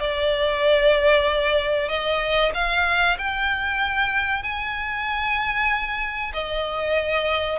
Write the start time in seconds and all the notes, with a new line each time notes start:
0.00 D5
1.89 D#5
2.55 F5
3.19 G5
4.43 G#5
6.34 D#5